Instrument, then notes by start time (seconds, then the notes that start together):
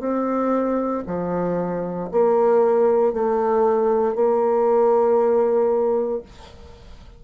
bassoon
0.00 C4
1.07 F3
2.12 A#3
3.13 A3
4.15 A#3